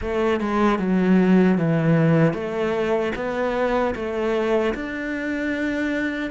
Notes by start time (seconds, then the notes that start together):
0.01 A3
0.40 G#3
0.79 F#3
1.58 E3
2.33 A3
3.15 B3
3.95 A3
4.74 D4